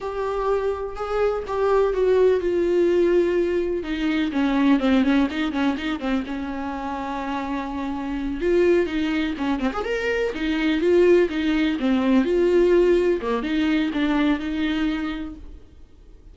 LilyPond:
\new Staff \with { instrumentName = "viola" } { \time 4/4 \tempo 4 = 125 g'2 gis'4 g'4 | fis'4 f'2. | dis'4 cis'4 c'8 cis'8 dis'8 cis'8 | dis'8 c'8 cis'2.~ |
cis'4. f'4 dis'4 cis'8 | c'16 gis'16 ais'4 dis'4 f'4 dis'8~ | dis'8 c'4 f'2 ais8 | dis'4 d'4 dis'2 | }